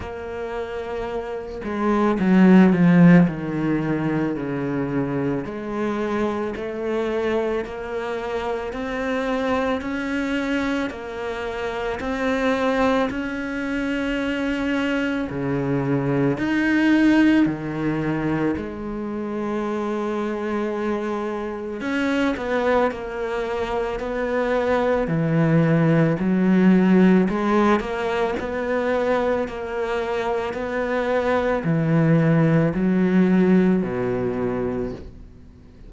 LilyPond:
\new Staff \with { instrumentName = "cello" } { \time 4/4 \tempo 4 = 55 ais4. gis8 fis8 f8 dis4 | cis4 gis4 a4 ais4 | c'4 cis'4 ais4 c'4 | cis'2 cis4 dis'4 |
dis4 gis2. | cis'8 b8 ais4 b4 e4 | fis4 gis8 ais8 b4 ais4 | b4 e4 fis4 b,4 | }